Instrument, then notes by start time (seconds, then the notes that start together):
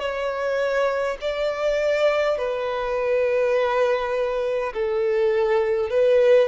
violin
0.00 C#5
1.21 D5
2.38 B4
4.74 A4
5.90 B4